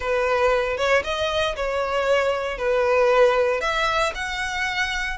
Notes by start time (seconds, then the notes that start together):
0.00 B4
0.77 C#5
1.04 D#5
1.55 C#5
2.58 B4
3.61 E5
4.14 F#5